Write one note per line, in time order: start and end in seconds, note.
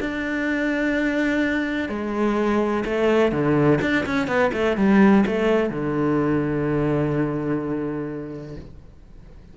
0.00 1.89 D4
1.89 2.84 G#3
2.85 3.32 A3
3.32 3.79 D3
3.81 4.05 D4
4.06 4.27 C#4
4.27 4.51 B3
4.53 4.77 A3
4.77 5.24 G3
5.26 5.70 A3
5.70 8.55 D3